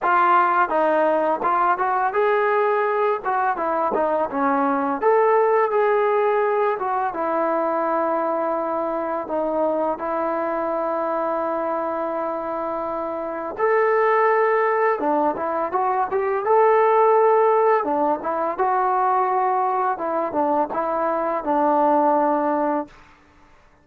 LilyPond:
\new Staff \with { instrumentName = "trombone" } { \time 4/4 \tempo 4 = 84 f'4 dis'4 f'8 fis'8 gis'4~ | gis'8 fis'8 e'8 dis'8 cis'4 a'4 | gis'4. fis'8 e'2~ | e'4 dis'4 e'2~ |
e'2. a'4~ | a'4 d'8 e'8 fis'8 g'8 a'4~ | a'4 d'8 e'8 fis'2 | e'8 d'8 e'4 d'2 | }